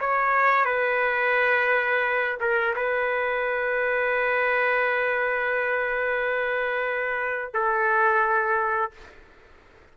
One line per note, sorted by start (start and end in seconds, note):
0.00 0.65 C#5
0.65 2.38 B4
2.40 2.75 A#4
2.76 7.54 B4
7.54 8.92 A4